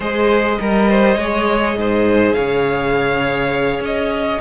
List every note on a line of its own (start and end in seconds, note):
0.00 0.59 G#3
0.00 0.59 G#4
0.00 0.59 C5
0.00 2.33 D#5
0.60 1.16 G3
0.60 0.88 A#4
0.60 1.18 A#4
0.88 1.18 C5
1.16 1.75 G#3
1.16 4.41 G#4
1.16 1.76 C#5
1.76 2.34 G#2
1.76 2.35 C5
2.33 3.79 C#3
2.33 4.41 C#5
2.33 3.80 F5
3.79 4.38 C#4
3.79 4.41 D#5